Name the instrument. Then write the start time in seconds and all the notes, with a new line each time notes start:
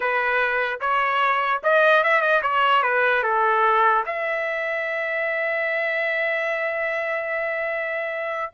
trumpet
0.00 B4
0.80 C#5
1.63 D#5
2.03 E5
2.21 D#5
2.42 C#5
2.82 B4
3.23 A4
4.05 E5